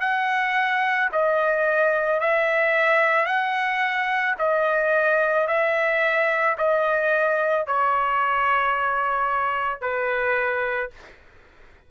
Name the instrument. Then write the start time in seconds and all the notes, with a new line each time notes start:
trumpet
0.00 F#5
1.12 D#5
2.20 E5
3.25 F#5
4.38 D#5
5.47 E5
6.58 D#5
7.66 C#5
9.80 B4